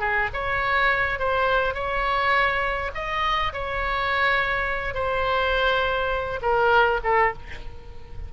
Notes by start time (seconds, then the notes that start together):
0.00 G#4
0.33 C#5
1.19 C5
1.74 C#5
2.94 D#5
3.53 C#5
4.94 C5
6.42 A#4
7.04 A4